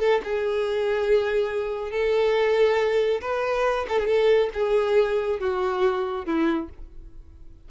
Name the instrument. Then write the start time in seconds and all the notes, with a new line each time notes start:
violin
0.00 A4
0.24 G#4
1.91 A4
3.22 B4
3.89 A4
4.00 G#4
4.07 A4
4.54 G#4
5.40 F#4
6.26 E4